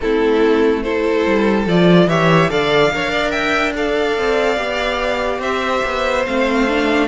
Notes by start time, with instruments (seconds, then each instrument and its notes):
0.01 cello A3, viola C4, violin E4 A4
0.82 viola E4, violin A4 C5
1.26 cello G3
1.66 cello F3, viola F4, violin D5
2.06 cello E3, viola G4, violin C#5 E5
2.49 cello D3, viola A4, violin D5 F5
2.93 cello D4, viola A#4, violin C#5
3.10 violin D5
3.30 violin E5 G5
3.74 viola A4, violin D5 F5
4.17 cello C4
4.56 cello B3, viola G4
5.39 cello C4, violin C5 E5
5.85 cello B3
6.26 cello A3, viola C4, violin F5
6.68 viola D4